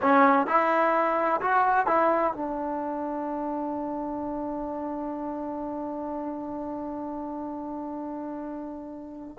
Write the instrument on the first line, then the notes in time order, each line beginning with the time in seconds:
trombone
0.02 C#4
0.46 E4
1.41 F#4
1.86 E4
2.33 D4